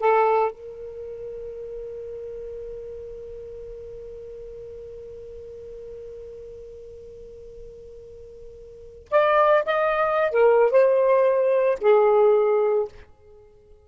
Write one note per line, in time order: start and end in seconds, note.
0.00 0.51 A4
0.51 9.08 A#4
9.10 9.64 D5
9.65 10.31 D#5
10.31 10.71 A#4
10.71 11.78 C5
11.81 12.88 G#4